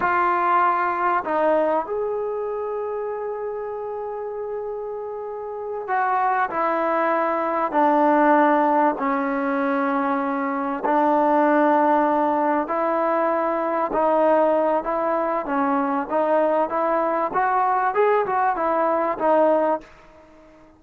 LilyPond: \new Staff \with { instrumentName = "trombone" } { \time 4/4 \tempo 4 = 97 f'2 dis'4 gis'4~ | gis'1~ | gis'4. fis'4 e'4.~ | e'8 d'2 cis'4.~ |
cis'4. d'2~ d'8~ | d'8 e'2 dis'4. | e'4 cis'4 dis'4 e'4 | fis'4 gis'8 fis'8 e'4 dis'4 | }